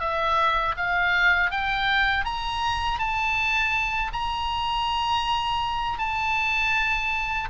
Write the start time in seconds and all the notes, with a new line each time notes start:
0.00 E5
0.77 F5
1.51 G5
2.25 A#5
2.99 A5
4.12 A#5
5.98 A5